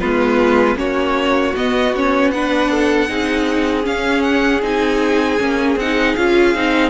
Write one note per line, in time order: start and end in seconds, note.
0.00 0.76 G#3
0.00 0.76 B3
0.00 0.77 F4
0.00 0.77 B4
0.76 1.53 A#3
0.76 1.53 C#4
0.76 2.32 F#4
0.76 1.55 C#5
1.56 1.95 B3
1.56 3.09 B3
1.56 1.95 D#5
1.96 2.34 C#4
1.96 2.31 C#5
2.31 3.08 D4
2.31 2.71 B4
2.31 3.85 F#5
2.71 3.09 A4
3.08 3.86 C4
3.08 3.83 D#4
3.08 6.90 G#4
3.83 4.60 C#4
3.83 4.63 C#4
3.83 4.23 F5
4.23 4.61 F#5
4.63 5.40 C4
4.63 5.38 D#4
4.63 5.79 G#5
5.38 5.76 A#3
5.38 5.77 C#4
5.76 6.14 C4
5.76 6.17 D#4
5.76 6.16 F#5
6.16 6.55 C#4
6.16 6.55 F4
6.16 6.90 F5
6.55 6.90 C4
6.55 6.90 D#4